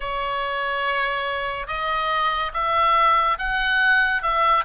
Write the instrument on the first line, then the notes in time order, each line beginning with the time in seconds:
oboe
0.00 C#5
1.67 D#5
2.53 E5
3.38 F#5
4.22 E5